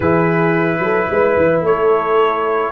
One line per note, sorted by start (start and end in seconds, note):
0.00 0.79 E3
0.00 2.71 E4
0.00 0.79 G#4
0.00 1.61 B4
0.79 1.06 F#3
0.79 1.10 A4
1.10 1.36 G#3
1.10 1.65 B4
1.36 1.61 E3
1.61 2.70 A3
1.61 2.71 A4
1.61 2.71 C#5